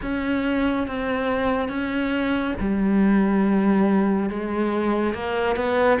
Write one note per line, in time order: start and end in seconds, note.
0.02 0.87 C#4
0.87 1.68 C4
1.68 2.54 C#4
2.59 4.29 G3
4.29 5.14 G#3
5.14 5.56 A#3
5.56 5.98 B3